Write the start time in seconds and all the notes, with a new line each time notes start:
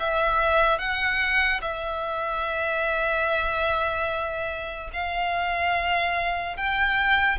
0.00 E5
0.79 F#5
1.62 E5
4.94 F5
6.57 G5